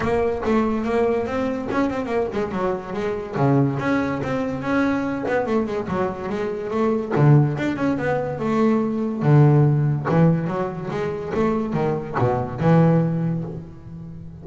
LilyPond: \new Staff \with { instrumentName = "double bass" } { \time 4/4 \tempo 4 = 143 ais4 a4 ais4 c'4 | cis'8 c'8 ais8 gis8 fis4 gis4 | cis4 cis'4 c'4 cis'4~ | cis'8 b8 a8 gis8 fis4 gis4 |
a4 d4 d'8 cis'8 b4 | a2 d2 | e4 fis4 gis4 a4 | dis4 b,4 e2 | }